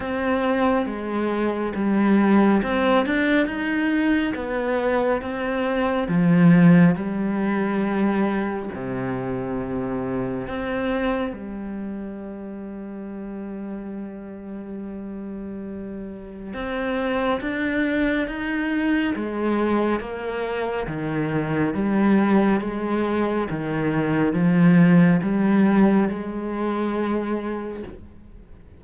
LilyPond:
\new Staff \with { instrumentName = "cello" } { \time 4/4 \tempo 4 = 69 c'4 gis4 g4 c'8 d'8 | dis'4 b4 c'4 f4 | g2 c2 | c'4 g2.~ |
g2. c'4 | d'4 dis'4 gis4 ais4 | dis4 g4 gis4 dis4 | f4 g4 gis2 | }